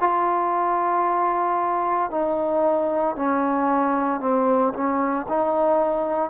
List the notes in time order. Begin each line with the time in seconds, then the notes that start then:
0.00 F4
2.11 D#4
3.16 C#4
4.21 C4
4.73 C#4
5.28 D#4